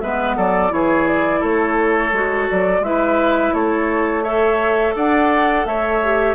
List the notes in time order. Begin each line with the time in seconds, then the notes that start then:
0.00 G#3 B3 B4 E5
0.36 F#3 A4 D5
0.69 E3 E4 G#4 C#5
1.08 D5
1.40 A3 A4 C#5
2.12 G#3 F#4
2.51 F#3 D5
2.80 G#3 E4 B4 E5
3.54 A3 A4 C#5
4.24 A4 C#5 E5
4.95 D4 D5 F#5
5.65 A3 C#5 E5
6.03 G4